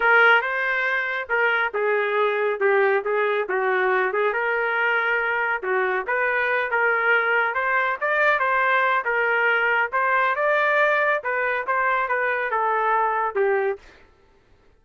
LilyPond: \new Staff \with { instrumentName = "trumpet" } { \time 4/4 \tempo 4 = 139 ais'4 c''2 ais'4 | gis'2 g'4 gis'4 | fis'4. gis'8 ais'2~ | ais'4 fis'4 b'4. ais'8~ |
ais'4. c''4 d''4 c''8~ | c''4 ais'2 c''4 | d''2 b'4 c''4 | b'4 a'2 g'4 | }